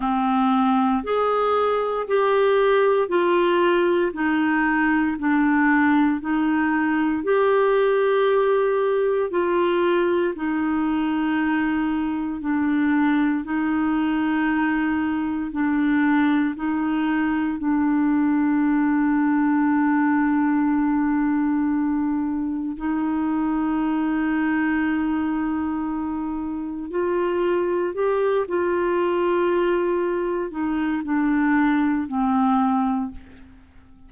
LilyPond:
\new Staff \with { instrumentName = "clarinet" } { \time 4/4 \tempo 4 = 58 c'4 gis'4 g'4 f'4 | dis'4 d'4 dis'4 g'4~ | g'4 f'4 dis'2 | d'4 dis'2 d'4 |
dis'4 d'2.~ | d'2 dis'2~ | dis'2 f'4 g'8 f'8~ | f'4. dis'8 d'4 c'4 | }